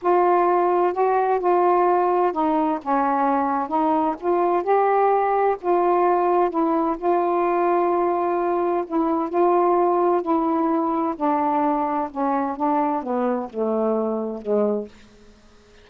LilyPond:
\new Staff \with { instrumentName = "saxophone" } { \time 4/4 \tempo 4 = 129 f'2 fis'4 f'4~ | f'4 dis'4 cis'2 | dis'4 f'4 g'2 | f'2 e'4 f'4~ |
f'2. e'4 | f'2 e'2 | d'2 cis'4 d'4 | b4 a2 gis4 | }